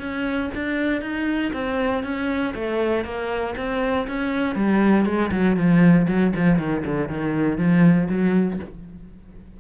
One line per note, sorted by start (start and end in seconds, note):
0.00 0.50 C#4
0.55 1.01 D4
1.01 1.52 D#4
1.53 2.04 C4
2.04 2.54 C#4
2.55 3.05 A3
3.05 3.55 A#3
3.57 4.07 C4
4.07 4.55 C#4
4.55 5.06 G3
5.06 5.31 G#3
5.31 5.57 F#3
5.57 6.07 F3
6.08 6.33 F#3
6.36 6.59 F3
6.59 6.84 D#3
6.85 7.09 D3
7.09 7.58 D#3
7.58 8.08 F3
8.09 8.59 F#3